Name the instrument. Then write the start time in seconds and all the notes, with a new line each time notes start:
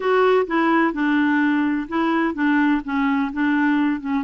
clarinet
0.00 F#4
0.46 E4
0.93 D4
1.88 E4
2.34 D4
2.84 C#4
3.32 D4
4.00 C#4